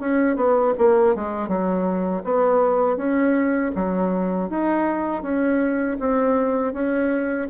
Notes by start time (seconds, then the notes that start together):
0.00 C#4
0.36 B3
0.78 A#3
1.16 G#3
1.48 F#3
2.24 B3
2.97 C#4
3.75 F#3
4.50 D#4
5.23 C#4
6.00 C4
6.73 C#4